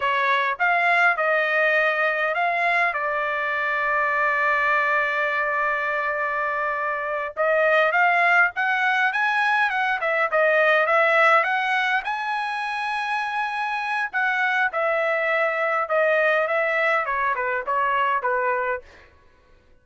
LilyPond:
\new Staff \with { instrumentName = "trumpet" } { \time 4/4 \tempo 4 = 102 cis''4 f''4 dis''2 | f''4 d''2.~ | d''1~ | d''8 dis''4 f''4 fis''4 gis''8~ |
gis''8 fis''8 e''8 dis''4 e''4 fis''8~ | fis''8 gis''2.~ gis''8 | fis''4 e''2 dis''4 | e''4 cis''8 b'8 cis''4 b'4 | }